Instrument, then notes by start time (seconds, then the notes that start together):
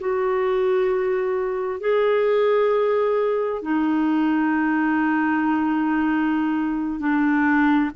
clarinet
0.00 F#4
1.80 G#4
3.62 D#4
7.00 D4